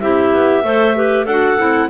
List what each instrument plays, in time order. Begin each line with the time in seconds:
0.00 double bass C4, clarinet E4 G4 E5
0.33 double bass B3
0.63 double bass A3, clarinet A4 C5
0.95 clarinet G4 B4
1.25 double bass D4, clarinet F#4 A4 F#5
1.58 double bass C4, clarinet E4